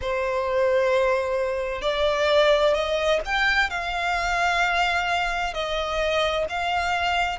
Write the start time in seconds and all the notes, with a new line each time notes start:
0.01 C5
1.81 D5
2.74 D#5
3.25 G5
3.69 F5
5.53 D#5
6.49 F5